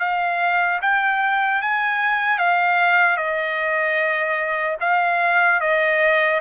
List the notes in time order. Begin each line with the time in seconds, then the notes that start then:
0.00 F5
0.82 G5
1.62 G#5
2.39 F5
3.17 D#5
4.81 F5
5.61 D#5